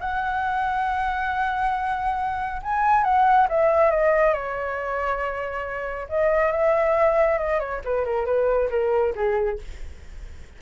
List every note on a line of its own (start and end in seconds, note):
0.00 2.61 F#5
2.62 3.04 G#5
3.04 3.47 F#5
3.49 3.90 E5
3.90 4.33 D#5
4.33 6.07 C#5
6.08 6.52 D#5
6.52 7.38 E5
7.38 7.59 D#5
7.59 7.81 C#5
7.84 8.05 B4
8.05 8.26 A#4
8.26 8.69 B4
8.70 9.13 A#4
9.15 9.58 G#4